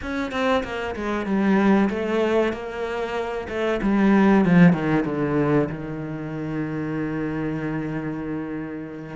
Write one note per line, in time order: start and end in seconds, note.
0.01 0.31 C#4
0.31 0.63 C4
0.63 0.95 A#3
0.95 1.26 G#3
1.26 1.89 G3
1.89 2.52 A3
2.52 3.47 A#3
3.49 3.80 A3
3.82 4.45 G3
4.45 4.72 F3
4.72 5.04 D#3
5.05 5.68 D3
5.69 9.16 D#3